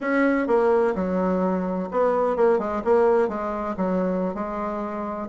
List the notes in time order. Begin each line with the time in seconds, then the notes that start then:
0.00 C#4
0.47 A#3
0.95 F#3
1.91 B3
2.36 A#3
2.58 G#3
2.84 A#3
3.28 G#3
3.76 F#3
4.34 G#3